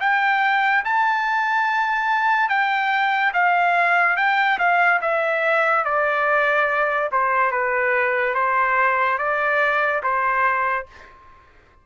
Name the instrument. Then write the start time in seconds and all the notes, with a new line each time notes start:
trumpet
0.00 G5
0.84 A5
2.48 G5
3.33 F5
4.16 G5
4.58 F5
5.01 E5
5.84 D5
7.11 C5
7.51 B4
8.34 C5
9.18 D5
10.03 C5